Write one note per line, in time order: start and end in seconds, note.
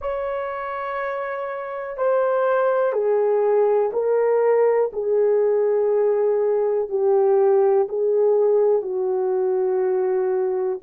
0.00 1.97 C#5
1.97 2.92 C5
2.92 3.91 G#4
3.92 4.90 A#4
4.92 6.89 G#4
6.89 7.87 G4
7.88 8.82 G#4
8.82 10.78 F#4